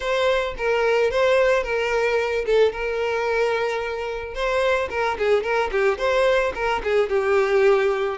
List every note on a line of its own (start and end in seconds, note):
0.00 0.54 C5
0.57 1.10 A#4
1.10 1.63 C5
1.63 2.45 A#4
2.45 2.72 A4
2.72 4.34 A#4
4.34 4.88 C5
4.90 5.17 A#4
5.18 5.43 G#4
5.43 5.70 A#4
5.71 5.98 G4
5.98 6.52 C5
6.55 6.82 A#4
6.83 7.09 G#4
7.09 8.18 G4